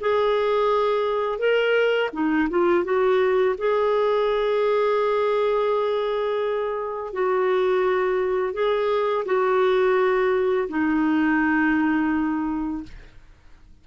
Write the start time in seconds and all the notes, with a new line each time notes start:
0.00 G#4
1.38 A#4
2.13 D#4
2.50 F4
2.84 F#4
3.58 G#4
7.13 F#4
8.53 G#4
9.26 F#4
10.69 D#4